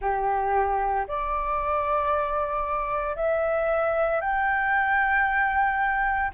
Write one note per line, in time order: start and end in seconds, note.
0.00 1.06 G4
1.07 3.16 D5
3.16 4.21 E5
4.21 6.31 G5